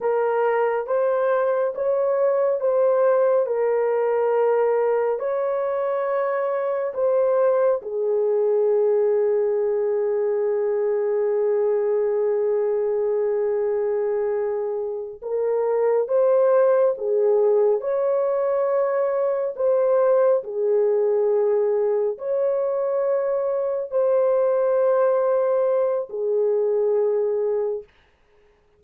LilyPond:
\new Staff \with { instrumentName = "horn" } { \time 4/4 \tempo 4 = 69 ais'4 c''4 cis''4 c''4 | ais'2 cis''2 | c''4 gis'2.~ | gis'1~ |
gis'4. ais'4 c''4 gis'8~ | gis'8 cis''2 c''4 gis'8~ | gis'4. cis''2 c''8~ | c''2 gis'2 | }